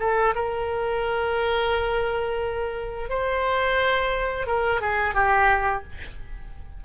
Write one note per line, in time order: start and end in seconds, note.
0.00 0.34 A4
0.35 3.10 A#4
3.10 4.47 C5
4.47 4.81 A#4
4.81 5.14 G#4
5.14 5.83 G4